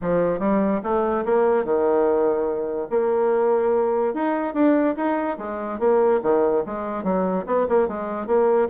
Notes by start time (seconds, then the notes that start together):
0.01 F3
0.39 G3
0.83 A3
1.25 A#3
1.64 D#3
2.90 A#3
4.13 D#4
4.54 D4
4.96 D#4
5.38 G#3
5.79 A#3
6.22 D#3
6.66 G#3
7.03 F#3
7.46 B3
7.68 A#3
7.88 G#3
8.26 A#3